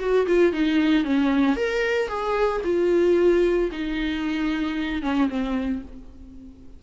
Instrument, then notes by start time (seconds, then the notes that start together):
viola
0.00 F#4
0.27 F4
0.53 D#4
1.04 C#4
1.56 A#4
2.08 G#4
2.64 F4
3.72 D#4
5.02 C#4
5.29 C4